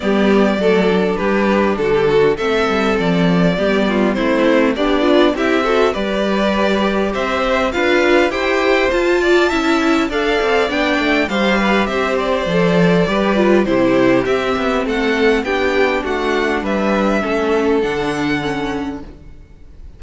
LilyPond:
<<
  \new Staff \with { instrumentName = "violin" } { \time 4/4 \tempo 4 = 101 d''2 b'4 a'4 | e''4 d''2 c''4 | d''4 e''4 d''2 | e''4 f''4 g''4 a''4~ |
a''4 f''4 g''4 f''4 | e''8 d''2~ d''8 c''4 | e''4 fis''4 g''4 fis''4 | e''2 fis''2 | }
  \new Staff \with { instrumentName = "violin" } { \time 4/4 g'4 a'4 g'4 fis'16 g'16 fis'8 | a'2 g'8 f'8 e'4 | d'4 g'8 a'8 b'2 | c''4 b'4 c''4. d''8 |
e''4 d''2 c''8 b'8 | c''2 b'4 g'4~ | g'4 a'4 g'4 fis'4 | b'4 a'2. | }
  \new Staff \with { instrumentName = "viola" } { \time 4/4 b4 a8 d'2~ d'8 | c'2 b4 c'4 | g'8 f'8 e'8 fis'8 g'2~ | g'4 f'4 g'4 f'4 |
e'4 a'4 d'4 g'4~ | g'4 a'4 g'8 f'8 e'4 | c'2 d'2~ | d'4 cis'4 d'4 cis'4 | }
  \new Staff \with { instrumentName = "cello" } { \time 4/4 g4 fis4 g4 d4 | a8 g8 f4 g4 a4 | b4 c'4 g2 | c'4 d'4 e'4 f'4 |
cis'4 d'8 c'8 b8 a8 g4 | c'4 f4 g4 c4 | c'8 b8 a4 b4 a4 | g4 a4 d2 | }
>>